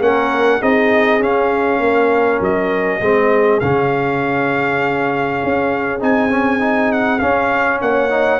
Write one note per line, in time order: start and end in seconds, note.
0.00 0.60 A#3
0.00 0.61 C#4
0.00 0.60 A#4
0.00 0.62 F#5
0.60 1.19 C4
0.60 1.21 D#4
0.60 1.80 G#4
0.60 1.22 D#5
1.19 1.79 C#4
1.19 3.01 C#4
1.19 2.43 F5
1.79 2.39 A#3
1.79 3.01 A#4
2.40 3.00 F#3
2.40 3.60 D#5
3.00 3.60 G#3
3.00 3.61 C4
3.00 7.81 G#4
3.60 5.42 C#3
3.60 6.00 C#4
3.60 6.00 F5
5.44 6.01 C#4
6.00 7.21 C4
6.00 6.29 D#4
6.00 6.92 G#5
6.29 6.59 C#4
6.59 7.19 D#4
6.92 7.19 F#5
7.19 8.10 C#4
7.19 7.82 C#4
7.19 7.79 F5
7.81 8.40 A#3
7.81 8.40 C#5
7.81 8.40 F#5
8.10 8.40 D#4